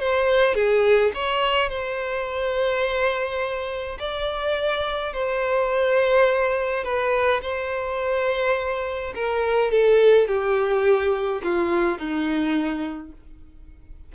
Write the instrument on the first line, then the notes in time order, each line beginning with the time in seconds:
violin
0.00 C5
0.55 G#4
1.14 C#5
1.69 C5
3.99 D5
5.13 C5
6.84 B4
7.42 C5
9.15 A#4
9.71 A4
10.28 G4
11.43 F4
11.98 D#4